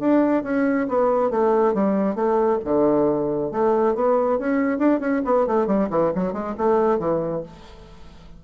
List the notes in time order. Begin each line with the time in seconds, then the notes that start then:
0.00 D4
0.44 C#4
0.89 B3
1.31 A3
1.75 G3
2.16 A3
2.65 D3
3.52 A3
3.95 B3
4.39 C#4
4.79 D4
5.00 C#4
5.25 B3
5.47 A3
5.67 G3
5.91 E3
6.16 F#3
6.33 G#3
6.58 A3
7.00 E3